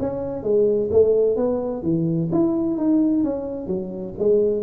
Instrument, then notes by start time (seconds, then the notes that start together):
tuba
0.00 C#4
0.43 G#3
0.91 A3
1.36 B3
1.83 E3
2.32 E4
2.78 D#4
3.24 C#4
3.67 F#3
4.19 G#3